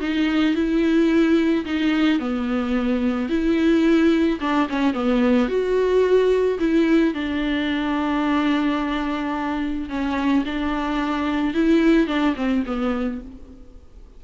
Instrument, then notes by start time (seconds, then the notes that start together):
viola
0.00 D#4
0.55 E4
1.65 D#4
2.19 B3
3.29 E4
4.40 D4
4.69 C#4
4.93 B3
5.48 F#4
6.59 E4
7.14 D4
9.89 C#4
10.45 D4
11.54 E4
12.07 D4
12.36 C4
12.66 B3